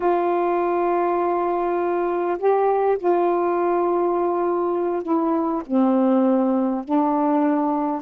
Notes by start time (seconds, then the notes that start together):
0.00 F4
2.38 G4
2.98 F4
5.03 E4
5.66 C4
6.84 D4